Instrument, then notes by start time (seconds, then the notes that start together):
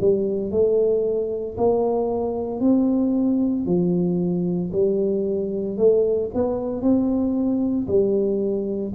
tuba
0.00 G3
0.51 A3
1.57 A#3
2.60 C4
3.66 F3
4.72 G3
5.78 A3
6.34 B3
6.82 C4
7.87 G3